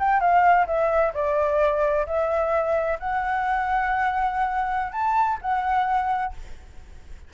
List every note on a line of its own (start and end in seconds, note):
0.00 0.21 G5
0.21 0.67 F5
0.67 1.13 E5
1.14 2.06 D5
2.07 2.99 E5
3.00 4.93 F#5
4.93 5.39 A5
5.42 6.34 F#5